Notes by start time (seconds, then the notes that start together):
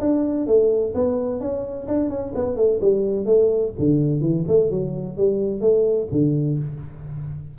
0.00 D4
0.47 A3
0.94 B3
1.40 C#4
1.88 D4
2.09 C#4
2.35 B3
2.56 A3
2.81 G3
3.26 A3
3.79 D3
4.21 E3
4.48 A3
4.70 F#3
5.17 G3
5.61 A3
6.12 D3